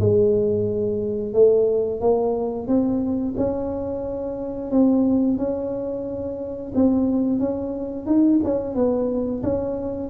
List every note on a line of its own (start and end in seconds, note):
0.00 1.34 G#3
1.34 2.00 A3
2.00 2.67 A#3
2.67 3.35 C4
3.37 4.71 C#4
4.71 5.38 C4
5.38 6.73 C#4
6.75 7.39 C4
7.39 8.07 C#4
8.07 8.40 D#4
8.44 8.75 C#4
8.75 9.43 B3
9.43 10.10 C#4